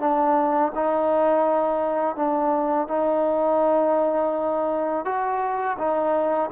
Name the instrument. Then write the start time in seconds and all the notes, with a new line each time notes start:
trombone
0.00 D4
0.75 D#4
2.16 D4
2.88 D#4
5.05 F#4
5.78 D#4